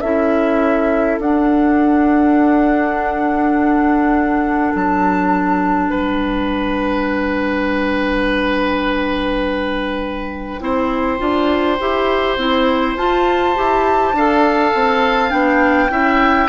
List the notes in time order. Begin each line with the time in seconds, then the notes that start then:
0.00 C#4 E4 A4 E5
1.19 D4 F#5
4.74 F#3 A5
5.89 G3 B4 G5
10.60 C4 E4 C5
11.18 D4 F4
11.80 E4 G4
12.37 C4 E4
12.96 F4 A5
13.55 E4 G4
14.13 D4 A4 F5
14.75 C4
15.29 B3 D4 G5
15.89 C#4 E4 E5